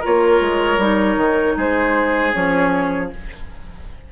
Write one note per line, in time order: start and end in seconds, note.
0.00 0.80 F4
0.00 1.54 A#4
0.00 1.59 C#5
0.06 0.40 A#3
0.40 0.78 G#3
0.78 1.17 G3
0.78 2.34 D#4
1.17 1.55 D#3
1.57 2.34 G#3
1.57 3.11 G#4
1.57 2.33 C5
2.33 3.12 F3
2.33 3.11 C#4
2.33 3.10 C#5